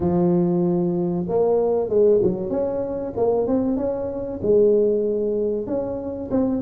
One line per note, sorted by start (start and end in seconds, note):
0.00 1.26 F3
1.28 1.89 A#3
1.89 2.20 G#3
2.22 2.50 F#3
2.50 3.13 C#4
3.16 3.47 A#3
3.47 3.76 C4
3.76 4.40 C#4
4.42 5.66 G#3
5.66 6.30 C#4
6.30 6.61 C4